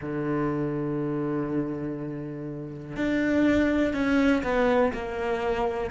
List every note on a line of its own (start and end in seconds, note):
0.01 2.96 D3
2.96 3.93 D4
3.93 4.43 C#4
4.43 4.92 B3
4.93 5.90 A#3